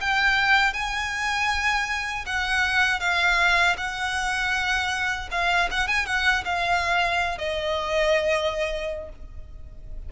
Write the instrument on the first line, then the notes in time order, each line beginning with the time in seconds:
violin
0.00 G5
0.73 G#5
2.26 F#5
3.00 F5
3.77 F#5
5.31 F5
5.70 F#5
5.87 G#5
6.06 F#5
6.44 F5
7.38 D#5